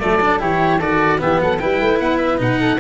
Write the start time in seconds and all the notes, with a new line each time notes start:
0.00 F#3 A3 A4 D5
0.21 D4
0.40 E3 E4 G4 C#5
0.79 D#3 F#4 A4 D5
1.19 E3 B3 G4 E5
1.40 F#3 A4 F#5
1.59 G3 E4 B4 G5
1.81 A3
2.00 B3 F#5
2.18 E5
2.38 B2 D#4 F#5
2.60 A4